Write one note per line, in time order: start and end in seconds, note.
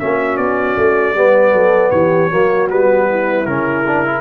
0.00 0.38 A#3
0.00 1.15 C#4
0.00 1.17 F#4
0.00 0.37 E5
0.37 0.77 B3
0.37 1.91 D5
0.77 1.15 A3
1.15 1.53 G3
1.15 2.31 B3
1.15 1.53 B4
1.53 1.92 F#3
1.53 1.91 A4
1.91 2.31 E3
1.91 2.30 G4
1.91 2.68 C#5
2.30 2.71 F#3
2.30 2.70 A#3
2.30 3.07 F#4
2.70 3.47 G3
2.70 3.46 B3
2.70 3.46 B4
3.10 4.22 E4
3.46 4.22 C#3
3.46 3.86 C#4
3.46 4.22 A#4
3.87 4.05 D4
4.05 4.22 E4